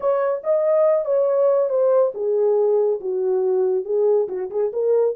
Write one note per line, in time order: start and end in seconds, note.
0.00 0.42 C#5
0.43 1.05 D#5
1.05 1.69 C#5
1.69 2.12 C5
2.14 3.00 G#4
3.00 3.85 F#4
3.85 4.27 G#4
4.28 4.50 F#4
4.50 4.72 G#4
4.72 5.15 A#4